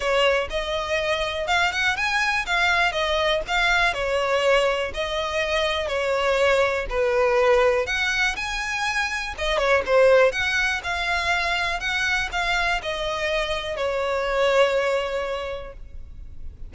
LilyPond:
\new Staff \with { instrumentName = "violin" } { \time 4/4 \tempo 4 = 122 cis''4 dis''2 f''8 fis''8 | gis''4 f''4 dis''4 f''4 | cis''2 dis''2 | cis''2 b'2 |
fis''4 gis''2 dis''8 cis''8 | c''4 fis''4 f''2 | fis''4 f''4 dis''2 | cis''1 | }